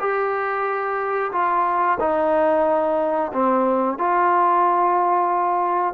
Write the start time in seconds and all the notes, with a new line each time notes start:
0.00 G4
1.32 F4
2.00 D#4
3.33 C4
3.98 F4